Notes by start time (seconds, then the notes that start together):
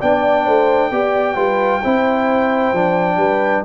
0.00 B3 D4 D5 G5
0.45 A3 C5
0.91 B3 G4 D5
1.35 G3 F4 B4
1.83 C4 E4 C5
2.73 F3 D4
3.17 G3 B4